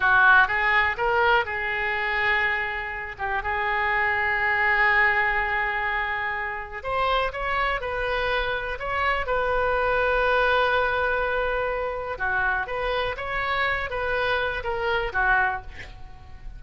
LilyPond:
\new Staff \with { instrumentName = "oboe" } { \time 4/4 \tempo 4 = 123 fis'4 gis'4 ais'4 gis'4~ | gis'2~ gis'8 g'8 gis'4~ | gis'1~ | gis'2 c''4 cis''4 |
b'2 cis''4 b'4~ | b'1~ | b'4 fis'4 b'4 cis''4~ | cis''8 b'4. ais'4 fis'4 | }